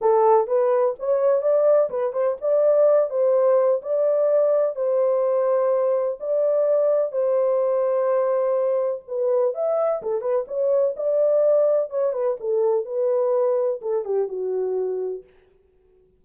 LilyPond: \new Staff \with { instrumentName = "horn" } { \time 4/4 \tempo 4 = 126 a'4 b'4 cis''4 d''4 | b'8 c''8 d''4. c''4. | d''2 c''2~ | c''4 d''2 c''4~ |
c''2. b'4 | e''4 a'8 b'8 cis''4 d''4~ | d''4 cis''8 b'8 a'4 b'4~ | b'4 a'8 g'8 fis'2 | }